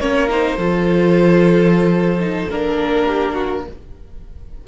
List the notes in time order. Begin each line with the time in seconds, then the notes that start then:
0.00 A#3 C#4 A#4 C#5
0.29 D#4 C5
0.58 F3 F4 A4
2.20 D#4
2.50 A#3 D4 A#4
3.07 G4
3.34 F#4